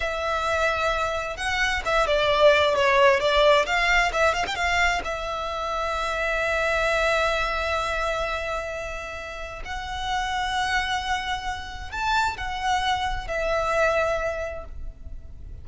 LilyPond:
\new Staff \with { instrumentName = "violin" } { \time 4/4 \tempo 4 = 131 e''2. fis''4 | e''8 d''4. cis''4 d''4 | f''4 e''8 f''16 g''16 f''4 e''4~ | e''1~ |
e''1~ | e''4 fis''2.~ | fis''2 a''4 fis''4~ | fis''4 e''2. | }